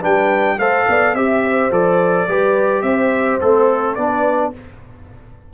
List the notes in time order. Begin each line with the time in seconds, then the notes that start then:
0.00 G3 D4 B4 G5
0.58 A3 A4 C5 F5
0.88 B3 D5
1.14 C4 G4 E5
1.44 C5
1.70 F3 A4 D5
2.28 G3 G4 B4
2.82 C4 C5 E5
3.41 A3 C4 A4
3.95 B3 D4 B4 D5